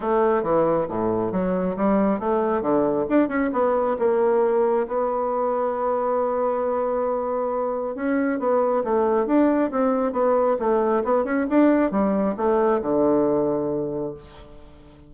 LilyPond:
\new Staff \with { instrumentName = "bassoon" } { \time 4/4 \tempo 4 = 136 a4 e4 a,4 fis4 | g4 a4 d4 d'8 cis'8 | b4 ais2 b4~ | b1~ |
b2 cis'4 b4 | a4 d'4 c'4 b4 | a4 b8 cis'8 d'4 g4 | a4 d2. | }